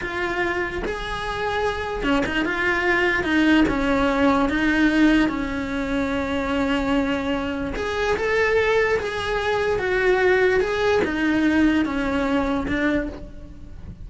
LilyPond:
\new Staff \with { instrumentName = "cello" } { \time 4/4 \tempo 4 = 147 f'2 gis'2~ | gis'4 cis'8 dis'8 f'2 | dis'4 cis'2 dis'4~ | dis'4 cis'2.~ |
cis'2. gis'4 | a'2 gis'2 | fis'2 gis'4 dis'4~ | dis'4 cis'2 d'4 | }